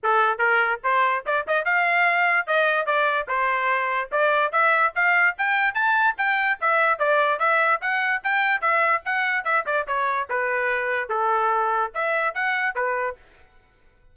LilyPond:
\new Staff \with { instrumentName = "trumpet" } { \time 4/4 \tempo 4 = 146 a'4 ais'4 c''4 d''8 dis''8 | f''2 dis''4 d''4 | c''2 d''4 e''4 | f''4 g''4 a''4 g''4 |
e''4 d''4 e''4 fis''4 | g''4 e''4 fis''4 e''8 d''8 | cis''4 b'2 a'4~ | a'4 e''4 fis''4 b'4 | }